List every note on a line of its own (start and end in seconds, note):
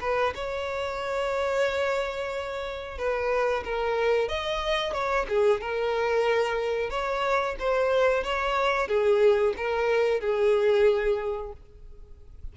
0.00 0.33 B4
0.34 2.97 C#5
2.97 3.63 B4
3.64 4.28 A#4
4.28 4.93 D#5
4.93 5.26 C#5
5.28 5.60 G#4
5.60 6.90 A#4
6.90 7.56 C#5
7.59 8.23 C5
8.23 8.88 C#5
8.88 9.54 G#4
9.56 10.20 A#4
10.20 11.52 G#4